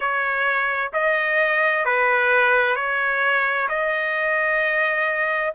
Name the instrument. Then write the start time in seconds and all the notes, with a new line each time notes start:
trumpet
0.00 C#5
0.93 D#5
1.85 B4
2.75 C#5
3.68 D#5